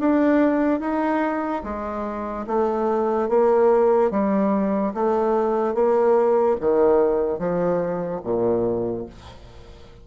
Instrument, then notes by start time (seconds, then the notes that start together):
bassoon
0.00 D4
0.80 D#4
1.64 G#3
2.47 A3
3.29 A#3
4.11 G3
4.94 A3
5.75 A#3
6.61 D#3
7.39 F3
8.24 A#2